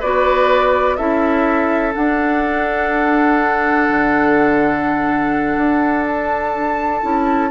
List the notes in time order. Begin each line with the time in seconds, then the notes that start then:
0.00 B3 F#4 B4 D5
0.97 C#4 E4 A4 E5
1.93 D4 F#5
3.89 D3
5.57 D4
6.07 A5
7.02 C#4 E4